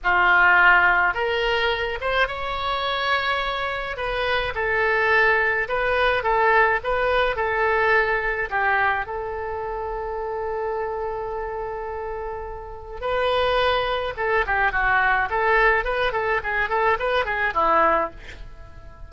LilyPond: \new Staff \with { instrumentName = "oboe" } { \time 4/4 \tempo 4 = 106 f'2 ais'4. c''8 | cis''2. b'4 | a'2 b'4 a'4 | b'4 a'2 g'4 |
a'1~ | a'2. b'4~ | b'4 a'8 g'8 fis'4 a'4 | b'8 a'8 gis'8 a'8 b'8 gis'8 e'4 | }